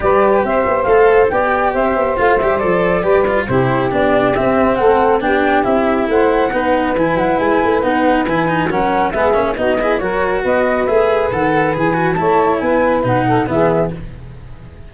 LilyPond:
<<
  \new Staff \with { instrumentName = "flute" } { \time 4/4 \tempo 4 = 138 d''4 e''4 f''4 g''4 | e''4 f''8 e''8 d''2 | c''4 d''4 e''4 fis''4 | g''4 e''4 fis''2 |
gis''8 fis''8 gis''4 fis''4 gis''4 | fis''4 e''4 dis''4 cis''4 | dis''4 e''4 fis''4 gis''4 | a''4 gis''4 fis''4 e''4 | }
  \new Staff \with { instrumentName = "saxophone" } { \time 4/4 b'4 c''2 d''4 | c''2. b'4 | g'2. a'4 | g'2 c''4 b'4~ |
b'1 | ais'4 gis'4 fis'8 gis'8 ais'4 | b'1 | cis''4 b'4. a'8 gis'4 | }
  \new Staff \with { instrumentName = "cello" } { \time 4/4 g'2 a'4 g'4~ | g'4 f'8 g'8 a'4 g'8 f'8 | e'4 d'4 c'2 | d'4 e'2 dis'4 |
e'2 dis'4 e'8 dis'8 | cis'4 b8 cis'8 dis'8 e'8 fis'4~ | fis'4 gis'4 a'4 gis'8 fis'8 | e'2 dis'4 b4 | }
  \new Staff \with { instrumentName = "tuba" } { \time 4/4 g4 c'8 b8 a4 b4 | c'8 b8 a8 g8 f4 g4 | c4 b4 c'4 a4 | b4 c'4 a4 b4 |
e8 fis8 gis8 a8 b4 e4 | fis4 gis8 ais8 b4 fis4 | b4 a4 dis4 e4 | a4 b4 b,4 e4 | }
>>